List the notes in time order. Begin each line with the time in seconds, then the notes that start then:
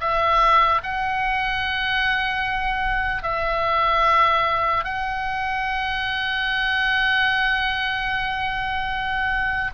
0.00 E5
0.83 F#5
3.23 E5
4.84 F#5